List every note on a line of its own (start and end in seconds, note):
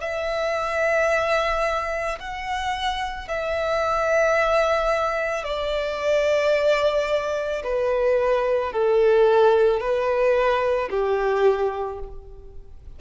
0.00 2.18 E5
2.19 3.28 F#5
3.28 5.44 E5
5.44 7.62 D5
7.63 8.72 B4
8.72 9.80 A4
9.80 10.89 B4
10.90 11.99 G4